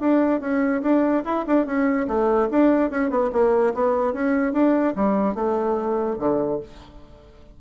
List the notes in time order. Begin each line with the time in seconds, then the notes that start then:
0.00 D4
0.41 C#4
0.82 D4
1.25 E4
1.47 D4
1.66 C#4
2.08 A3
2.51 D4
2.90 C#4
3.10 B3
3.33 A#3
3.74 B3
4.13 C#4
4.53 D4
4.96 G3
5.35 A3
6.19 D3